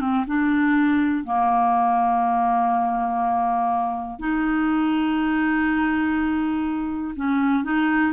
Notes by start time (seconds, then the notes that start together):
0.00 C4
0.27 D4
1.24 A#3
4.19 D#4
7.15 C#4
7.64 D#4